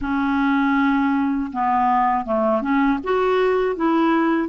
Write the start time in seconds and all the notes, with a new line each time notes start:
0.01 C#4
1.52 B3
2.25 A3
2.61 C#4
3.03 F#4
3.76 E4